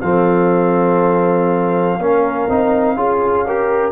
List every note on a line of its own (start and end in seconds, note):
0.00 1.98 F3
0.00 1.99 C4
0.00 1.99 A4
0.00 3.92 F5
1.98 2.47 A#3
1.98 2.49 C#4
1.98 2.97 A#4
2.49 2.95 C4
2.49 2.97 D#4
2.95 3.92 C#4
2.95 3.46 F4
2.95 3.46 G#4
3.46 3.92 G4
3.46 3.92 A#4